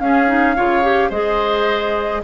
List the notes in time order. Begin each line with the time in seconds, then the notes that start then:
0.00 C#4 G#4 F5
0.28 D#4
0.56 C#3 F4 C#5
0.83 G4
1.10 G#3 G#4 C5 D#5